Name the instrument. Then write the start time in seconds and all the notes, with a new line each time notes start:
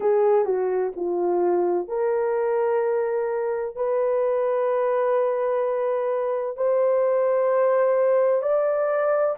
horn
0.00 G#4
0.45 F#4
0.96 F4
1.87 A#4
3.75 B4
6.56 C5
8.42 D5